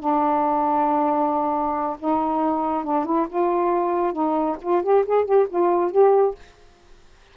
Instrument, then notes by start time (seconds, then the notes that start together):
saxophone
0.00 D4
2.00 D#4
2.84 D4
3.05 E4
3.29 F4
4.13 D#4
4.62 F4
4.83 G4
5.06 G#4
5.25 G4
5.50 F4
5.91 G4